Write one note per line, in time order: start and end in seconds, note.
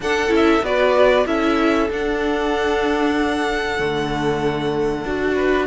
0.00 0.28 D4
0.00 0.65 A4
0.00 0.33 F#5
0.28 0.61 C#4
0.28 0.60 E4
0.36 0.64 E5
0.62 1.25 B3
0.62 1.26 F#4
0.62 1.26 B4
0.62 1.27 D5
1.26 1.89 C#4
1.26 1.89 E4
1.26 5.34 A4
1.26 1.90 E5
1.90 3.78 D4
1.90 3.79 D4
1.90 5.67 F#5
3.78 5.04 D3
3.78 5.05 A3
5.04 5.67 D4
5.04 5.67 F#4
5.34 5.66 B4